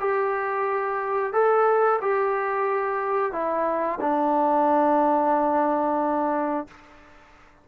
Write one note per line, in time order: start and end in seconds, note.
0.00 1.33 G4
1.33 2.00 A4
2.02 3.32 G4
3.32 3.99 E4
4.01 6.68 D4